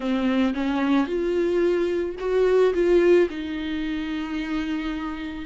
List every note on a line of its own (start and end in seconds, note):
0.00 0.53 C4
0.54 1.07 C#4
1.07 2.16 F4
2.19 2.73 F#4
2.73 3.28 F4
3.29 5.45 D#4